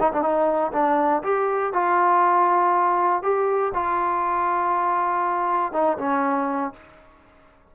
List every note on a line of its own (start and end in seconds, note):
0.00 0.12 D#4
0.13 0.22 D4
0.22 0.72 D#4
0.73 1.23 D4
1.23 1.73 G4
1.73 3.23 F4
3.23 3.73 G4
3.74 5.73 F4
5.73 5.98 D#4
5.98 6.73 C#4